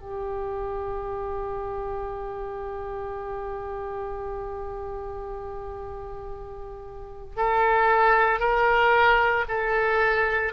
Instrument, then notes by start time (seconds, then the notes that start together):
oboe
0.00 G4
7.37 A4
8.40 A#4
9.48 A4